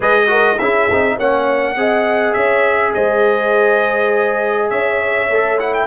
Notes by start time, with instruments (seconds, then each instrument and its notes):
0.00 tuba G#3, trombone G#4, horn B4, trumpet D#5
0.26 trombone F#4, horn A#4
0.58 tuba C#4, trombone E4, horn G#4, trumpet E5
0.90 tuba C4, trombone D#4
1.16 tuba A#3, trombone C#4, horn C#5, trumpet F#5
1.75 tuba C4, trombone G#4, horn D#5
2.33 tuba C#4, horn C#5, trumpet E5
2.94 tuba G#3, horn C5, trumpet D#5
4.69 tuba C#4, horn C#5, trumpet E5
5.28 tuba A3, trombone A4
5.59 trombone E4, trumpet F#5
5.73 trumpet G5